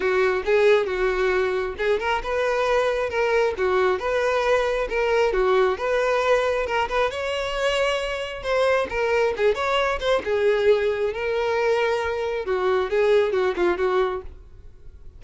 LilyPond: \new Staff \with { instrumentName = "violin" } { \time 4/4 \tempo 4 = 135 fis'4 gis'4 fis'2 | gis'8 ais'8 b'2 ais'4 | fis'4 b'2 ais'4 | fis'4 b'2 ais'8 b'8 |
cis''2. c''4 | ais'4 gis'8 cis''4 c''8 gis'4~ | gis'4 ais'2. | fis'4 gis'4 fis'8 f'8 fis'4 | }